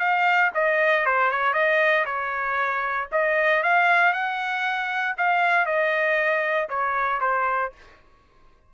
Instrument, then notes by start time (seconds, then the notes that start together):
trumpet
0.00 F5
0.55 D#5
1.06 C5
1.31 C#5
1.54 D#5
2.06 C#5
3.12 D#5
3.63 F5
4.13 F#5
5.18 F5
5.66 D#5
6.69 C#5
7.21 C5